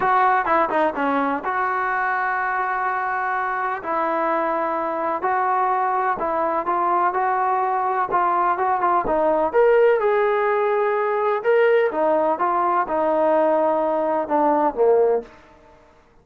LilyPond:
\new Staff \with { instrumentName = "trombone" } { \time 4/4 \tempo 4 = 126 fis'4 e'8 dis'8 cis'4 fis'4~ | fis'1 | e'2. fis'4~ | fis'4 e'4 f'4 fis'4~ |
fis'4 f'4 fis'8 f'8 dis'4 | ais'4 gis'2. | ais'4 dis'4 f'4 dis'4~ | dis'2 d'4 ais4 | }